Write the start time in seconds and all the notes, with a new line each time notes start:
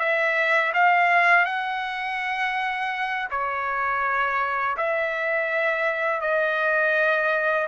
0.00 E5
0.74 F5
1.46 F#5
3.31 C#5
4.77 E5
6.21 D#5